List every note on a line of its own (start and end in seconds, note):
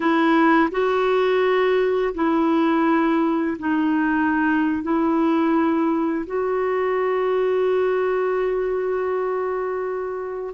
0.00 0.69 E4
0.71 2.14 F#4
2.14 3.57 E4
3.58 4.82 D#4
4.82 6.25 E4
6.26 10.54 F#4